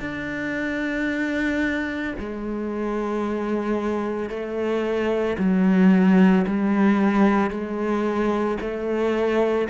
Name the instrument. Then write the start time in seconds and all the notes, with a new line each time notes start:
cello
0.00 D4
2.19 G#3
4.30 A3
5.39 F#3
6.47 G3
7.51 G#3
8.61 A3